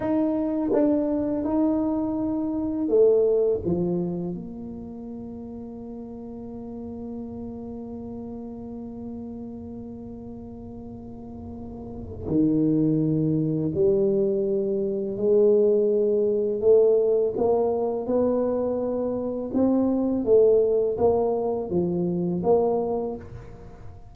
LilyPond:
\new Staff \with { instrumentName = "tuba" } { \time 4/4 \tempo 4 = 83 dis'4 d'4 dis'2 | a4 f4 ais2~ | ais1~ | ais1~ |
ais4 dis2 g4~ | g4 gis2 a4 | ais4 b2 c'4 | a4 ais4 f4 ais4 | }